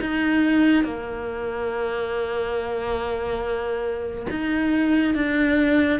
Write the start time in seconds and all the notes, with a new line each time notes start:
0.00 D#4
0.83 A#3
4.30 D#4
5.14 D4